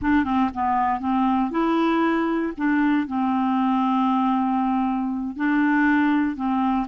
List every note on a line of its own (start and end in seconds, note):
0.01 0.24 D4
0.24 0.49 C4
0.53 0.99 B3
0.99 1.50 C4
1.50 2.52 E4
2.57 3.07 D4
3.07 5.36 C4
5.36 6.36 D4
6.36 6.86 C4